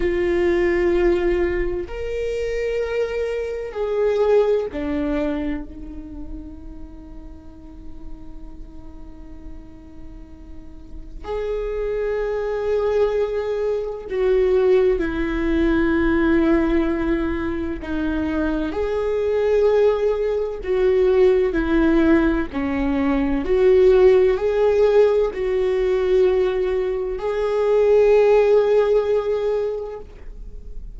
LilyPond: \new Staff \with { instrumentName = "viola" } { \time 4/4 \tempo 4 = 64 f'2 ais'2 | gis'4 d'4 dis'2~ | dis'1 | gis'2. fis'4 |
e'2. dis'4 | gis'2 fis'4 e'4 | cis'4 fis'4 gis'4 fis'4~ | fis'4 gis'2. | }